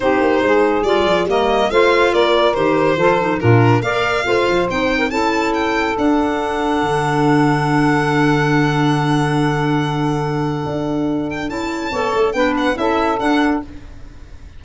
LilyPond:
<<
  \new Staff \with { instrumentName = "violin" } { \time 4/4 \tempo 4 = 141 c''2 d''4 dis''4 | f''4 d''4 c''2 | ais'4 f''2 g''4 | a''4 g''4 fis''2~ |
fis''1~ | fis''1~ | fis''2~ fis''8 g''8 a''4~ | a''4 g''8 fis''8 e''4 fis''4 | }
  \new Staff \with { instrumentName = "saxophone" } { \time 4/4 g'4 gis'2 ais'4 | c''4 ais'2 a'4 | f'4 d''4 c''4.~ c''16 ais'16 | a'1~ |
a'1~ | a'1~ | a'1 | cis''4 b'4 a'2 | }
  \new Staff \with { instrumentName = "clarinet" } { \time 4/4 dis'2 f'4 ais4 | f'2 g'4 f'8 dis'8 | d'4 ais'4 f'4 dis'4 | e'2 d'2~ |
d'1~ | d'1~ | d'2. e'4 | a'4 d'4 e'4 d'4 | }
  \new Staff \with { instrumentName = "tuba" } { \time 4/4 c'8 ais8 gis4 g8 f8 g4 | a4 ais4 dis4 f4 | ais,4 ais4 a8 f8 c'4 | cis'2 d'2 |
d1~ | d1~ | d4 d'2 cis'4 | b8 a8 b4 cis'4 d'4 | }
>>